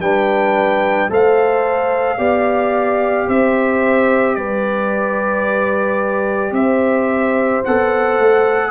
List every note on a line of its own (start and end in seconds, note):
0.00 1.09 G3
0.00 1.10 D4
0.00 1.10 B4
0.00 1.10 G5
1.10 2.18 A3
1.10 2.18 A4
1.10 2.17 C5
1.10 3.29 F5
2.17 3.27 B3
2.17 7.63 G4
2.17 3.26 D5
3.27 4.37 C4
3.27 4.36 C5
3.27 4.35 E5
4.35 6.52 G3
4.35 6.55 B4
4.35 6.53 D5
6.52 7.61 C4
6.52 8.71 C5
6.52 7.63 E5
7.65 8.19 B3
7.65 8.71 A4
7.65 8.71 F#5
8.19 8.71 A3